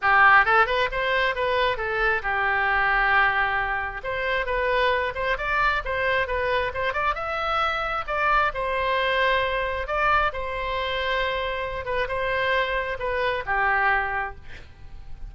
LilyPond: \new Staff \with { instrumentName = "oboe" } { \time 4/4 \tempo 4 = 134 g'4 a'8 b'8 c''4 b'4 | a'4 g'2.~ | g'4 c''4 b'4. c''8 | d''4 c''4 b'4 c''8 d''8 |
e''2 d''4 c''4~ | c''2 d''4 c''4~ | c''2~ c''8 b'8 c''4~ | c''4 b'4 g'2 | }